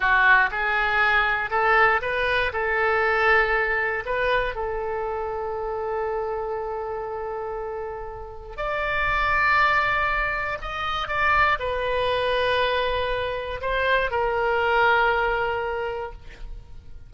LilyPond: \new Staff \with { instrumentName = "oboe" } { \time 4/4 \tempo 4 = 119 fis'4 gis'2 a'4 | b'4 a'2. | b'4 a'2.~ | a'1~ |
a'4 d''2.~ | d''4 dis''4 d''4 b'4~ | b'2. c''4 | ais'1 | }